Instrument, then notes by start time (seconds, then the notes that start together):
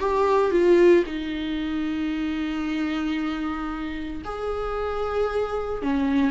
viola
0.00 G4
0.51 F4
1.07 D#4
4.25 G#4
5.83 C#4